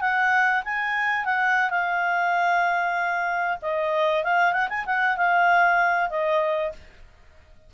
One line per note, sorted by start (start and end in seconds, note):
0.00 0.62 F#5
0.64 1.25 G#5
1.25 1.70 F#5
1.70 3.57 F5
3.62 4.23 D#5
4.23 4.52 F5
4.52 4.68 F#5
4.69 4.85 G#5
4.85 5.16 F#5
5.17 6.09 F5
6.09 6.72 D#5